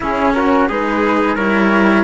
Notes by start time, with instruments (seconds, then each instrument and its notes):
0.00 cello C#4, trumpet E4, flute G#4
0.33 trumpet F#4, flute A#4
0.68 cello G#3 D#4, trumpet G#4, flute B4
1.35 cello G3 E4, trumpet A#4, flute C#5